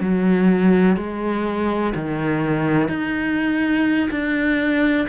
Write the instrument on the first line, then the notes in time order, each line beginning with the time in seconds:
cello
0.00 F#3
0.96 G#3
1.94 D#3
2.88 D#4
4.10 D4